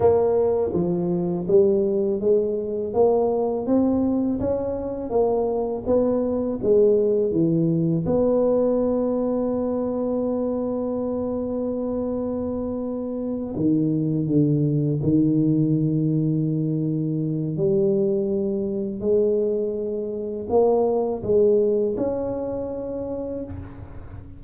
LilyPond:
\new Staff \with { instrumentName = "tuba" } { \time 4/4 \tempo 4 = 82 ais4 f4 g4 gis4 | ais4 c'4 cis'4 ais4 | b4 gis4 e4 b4~ | b1~ |
b2~ b8 dis4 d8~ | d8 dis2.~ dis8 | g2 gis2 | ais4 gis4 cis'2 | }